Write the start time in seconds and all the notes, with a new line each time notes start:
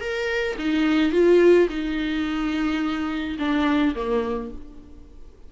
0.00 A#4
0.58 D#4
1.12 F4
1.69 D#4
3.38 D4
3.95 A#3